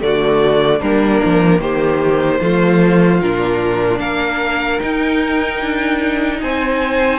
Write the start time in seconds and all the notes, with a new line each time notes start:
0.00 D3 A3 F#4 D5
0.79 G3 A#3 D4 A#4
1.25 F3
1.60 D#3 G4 C5
2.40 F3 A3 F4
3.21 A#2 D4 A#4
3.99 A#3 A#4 F5
4.80 D#4 G5
5.61 D4
6.41 C4 C5 G#5